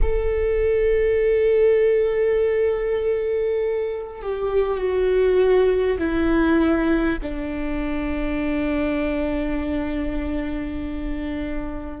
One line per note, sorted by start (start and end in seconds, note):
0.02 4.22 A4
4.22 4.77 G4
4.77 5.97 F#4
5.98 7.18 E4
7.22 12.00 D4